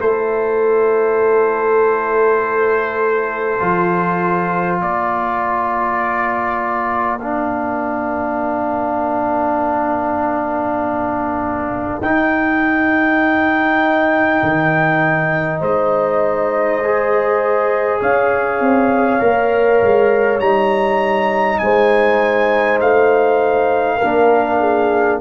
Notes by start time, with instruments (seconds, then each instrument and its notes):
0.00 tuba A3, trombone E4, horn A4, trumpet C5
3.59 tuba F3, trombone F4
4.80 tuba A#3, horn A#4, trumpet D5
7.19 trombone D4, trumpet F5
12.01 tuba D#4, trombone D#4, trumpet G5
14.43 tuba D#3
15.60 tuba G#3, horn C5, trumpet D#5
16.84 trombone G#4
18.01 tuba C#4, horn C#5, trumpet F5
18.60 tuba C4
19.19 tuba A#3, trombone A#4
19.82 tuba G#3
20.40 tuba G3, trombone D#4, trumpet A#5
21.59 tuba G#3, horn C5, trumpet G#5
22.80 tuba A3, trumpet F5
23.97 tuba A#3, trombone D4, horn A#4
24.60 horn G#4